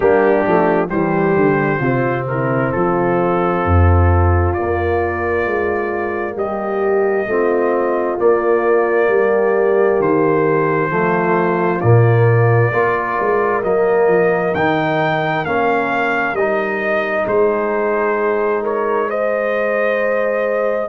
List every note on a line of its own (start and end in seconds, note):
0.00 0.45 G3
0.00 0.44 A#3
0.00 0.88 D4
0.00 0.88 G4
0.45 0.91 F3
0.45 0.88 A3
0.88 1.36 E3
0.88 1.79 G3
0.88 1.79 G4
0.88 2.26 C5
1.36 1.80 D3
1.79 2.70 C3
1.79 4.56 C4
1.79 2.24 F4
2.27 2.74 E4
2.27 2.72 A#4
2.72 3.64 F3
2.72 6.35 F4
2.72 4.53 A4
3.64 4.55 F2
4.53 7.29 A#3
4.53 5.46 A#3
4.53 6.35 D5
5.46 6.36 G#3
6.35 7.27 G3
6.35 7.26 G4
6.35 8.19 D#5
7.27 8.17 A3
7.27 8.18 C4
7.27 9.11 F4
8.18 10.89 A#3
8.18 9.08 A#3
8.18 10.01 D5
9.08 9.98 G3
9.08 10.91 G4
10.00 10.90 D#3
10.00 11.80 C5
10.89 11.81 F3
10.89 11.80 A3
10.89 12.73 F4
11.80 12.72 A#2
11.80 12.72 A#3
11.80 13.62 D5
12.72 13.17 A#3
12.72 13.63 F4
12.72 17.26 A#4
13.20 13.63 G#3
13.63 14.07 F#3
13.63 14.54 A#3
13.63 14.54 D#5
14.07 14.53 F3
14.54 15.44 D#3
14.54 15.45 D#4
14.54 15.45 G5
15.44 16.33 A#3
15.44 16.36 C#4
15.44 16.35 F5
16.33 17.24 G3
16.33 19.11 D#4
16.33 17.26 D#5
17.26 20.89 G#3
17.26 18.62 G#4
17.26 18.64 C5
18.62 19.08 A#4
18.62 19.09 C#5
19.09 20.89 G#4
19.09 20.89 C5
19.09 20.89 D#5